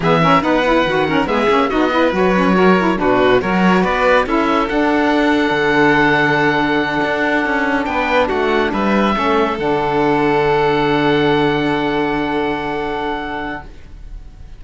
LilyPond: <<
  \new Staff \with { instrumentName = "oboe" } { \time 4/4 \tempo 4 = 141 e''4 fis''2 e''4 | dis''4 cis''2 b'4 | cis''4 d''4 e''4 fis''4~ | fis''1~ |
fis''2~ fis''8 g''4 fis''8~ | fis''8 e''2 fis''4.~ | fis''1~ | fis''1 | }
  \new Staff \with { instrumentName = "violin" } { \time 4/4 gis'8 ais'8 b'4. ais'8 gis'4 | fis'8 b'4. ais'4 fis'4 | ais'4 b'4 a'2~ | a'1~ |
a'2~ a'8 b'4 fis'8~ | fis'8 b'4 a'2~ a'8~ | a'1~ | a'1 | }
  \new Staff \with { instrumentName = "saxophone" } { \time 4/4 b8 cis'8 dis'8 e'8 fis'8 cis'8 b8 cis'8 | dis'8 e'8 fis'8 cis'8 fis'8 e'8 d'4 | fis'2 e'4 d'4~ | d'1~ |
d'1~ | d'4. cis'4 d'4.~ | d'1~ | d'1 | }
  \new Staff \with { instrumentName = "cello" } { \time 4/4 e4 b4 dis4 gis8 ais8 | b4 fis2 b,4 | fis4 b4 cis'4 d'4~ | d'4 d2.~ |
d8 d'4 cis'4 b4 a8~ | a8 g4 a4 d4.~ | d1~ | d1 | }
>>